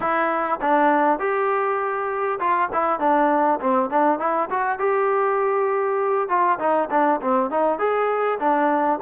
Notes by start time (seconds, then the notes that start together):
0.00 E4
0.61 D4
1.19 G4
2.39 F4
2.72 E4
2.99 D4
3.60 C4
3.90 D4
4.19 E4
4.49 F#4
4.78 G4
6.28 F4
6.59 D#4
6.90 D4
7.21 C4
7.50 D#4
7.78 G#4
8.39 D4